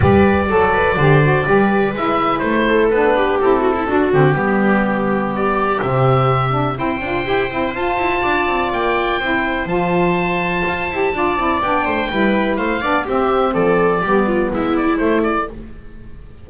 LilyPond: <<
  \new Staff \with { instrumentName = "oboe" } { \time 4/4 \tempo 4 = 124 d''1 | e''4 c''4 b'4 a'4~ | a'8 g'2~ g'8 d''4 | e''2 g''2 |
a''2 g''2 | a''1 | g''2 f''4 e''4 | d''2 e''8 d''8 c''8 d''8 | }
  \new Staff \with { instrumentName = "viola" } { \time 4/4 b'4 a'8 b'8 c''4 b'4~ | b'4. a'4 g'4 fis'16 e'16 | fis'4 g'2.~ | g'2 c''2~ |
c''4 d''2 c''4~ | c''2. d''4~ | d''8 c''8 b'4 c''8 d''8 g'4 | a'4 g'8 f'8 e'2 | }
  \new Staff \with { instrumentName = "saxophone" } { \time 4/4 g'4 a'4 g'8 fis'8 g'4 | e'2 d'4 e'4 | d'8 c'8 b2. | c'4. d'8 e'8 f'8 g'8 e'8 |
f'2. e'4 | f'2~ f'8 g'8 f'8 e'8 | d'4 e'4. d'8 c'4~ | c'4 b2 a4 | }
  \new Staff \with { instrumentName = "double bass" } { \time 4/4 g4 fis4 d4 g4 | gis4 a4 b4 c'4 | d'8 d8 g2. | c2 c'8 d'8 e'8 c'8 |
f'8 e'8 d'8 c'8 ais4 c'4 | f2 f'8 e'8 d'8 c'8 | b8 a8 g4 a8 b8 c'4 | f4 g4 gis4 a4 | }
>>